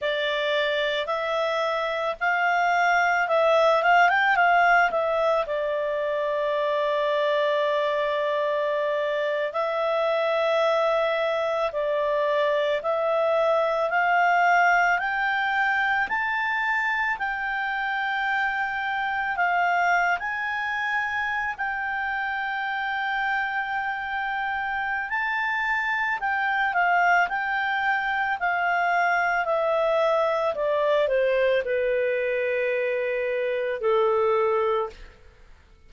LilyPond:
\new Staff \with { instrumentName = "clarinet" } { \time 4/4 \tempo 4 = 55 d''4 e''4 f''4 e''8 f''16 g''16 | f''8 e''8 d''2.~ | d''8. e''2 d''4 e''16~ | e''8. f''4 g''4 a''4 g''16~ |
g''4.~ g''16 f''8. gis''4~ gis''16 g''16~ | g''2. a''4 | g''8 f''8 g''4 f''4 e''4 | d''8 c''8 b'2 a'4 | }